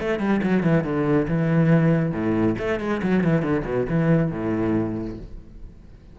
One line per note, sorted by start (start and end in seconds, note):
0.00 0.19 A3
0.19 0.41 G3
0.43 0.63 F#3
0.63 0.84 E3
0.84 1.27 D3
1.28 2.12 E3
2.12 2.56 A2
2.59 2.80 A3
2.80 3.02 G#3
3.03 3.24 F#3
3.24 3.42 E3
3.42 3.64 D3
3.65 3.87 B2
3.89 4.31 E3
4.31 5.18 A2